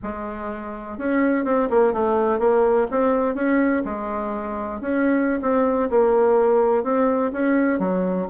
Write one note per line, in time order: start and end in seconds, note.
0.02 0.98 G#3
0.98 1.44 C#4
1.44 1.68 C4
1.70 1.93 A#3
1.93 2.39 A3
2.39 2.87 A#3
2.91 3.34 C4
3.34 3.82 C#4
3.84 4.80 G#3
4.80 5.40 C#4
5.41 5.89 C4
5.90 6.83 A#3
6.83 7.31 C4
7.32 7.79 C#4
7.79 8.27 F#3